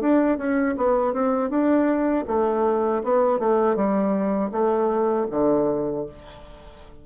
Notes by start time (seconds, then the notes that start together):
0.00 D4
0.38 C#4
0.76 B3
1.13 C4
1.49 D4
2.27 A3
3.03 B3
3.39 A3
3.75 G3
4.51 A3
5.30 D3